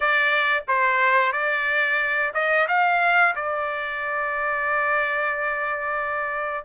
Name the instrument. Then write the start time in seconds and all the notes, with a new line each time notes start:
trumpet
0.00 D5
0.68 C5
1.32 D5
2.34 D#5
2.68 F5
3.35 D5